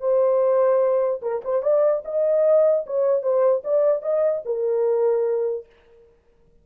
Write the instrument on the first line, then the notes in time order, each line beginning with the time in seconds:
horn
0.00 C5
1.22 A#4
1.44 C5
1.63 D5
2.05 D#5
2.86 C#5
3.22 C5
3.64 D5
4.02 D#5
4.45 A#4